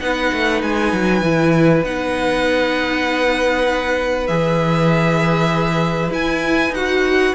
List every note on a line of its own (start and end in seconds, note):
0.00 0.31 B3
0.00 1.23 D#4
0.00 7.34 B4
0.00 0.61 F#5
0.32 0.62 A3
0.62 0.92 G#3
0.62 1.84 G#5
0.92 1.21 F#3
1.21 1.82 E3
1.21 1.84 E4
1.83 4.28 B3
1.83 4.28 D#4
1.83 4.27 F#5
4.27 6.10 E3
4.27 6.11 G#4
4.27 6.10 E5
6.10 6.70 E4
6.10 6.72 E4
6.10 6.74 G#5
6.70 7.31 D#4
6.70 7.34 F#4
6.70 7.34 F#5